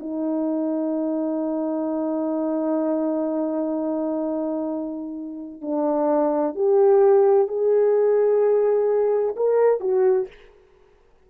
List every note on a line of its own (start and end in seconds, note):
0.00 5.61 D#4
5.61 6.55 D4
6.55 7.48 G4
7.48 9.36 G#4
9.36 9.81 A#4
9.81 10.27 F#4